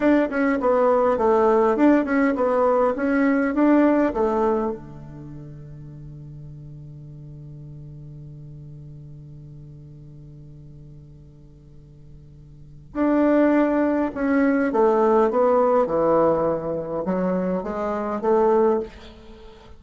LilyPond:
\new Staff \with { instrumentName = "bassoon" } { \time 4/4 \tempo 4 = 102 d'8 cis'8 b4 a4 d'8 cis'8 | b4 cis'4 d'4 a4 | d1~ | d1~ |
d1~ | d2 d'2 | cis'4 a4 b4 e4~ | e4 fis4 gis4 a4 | }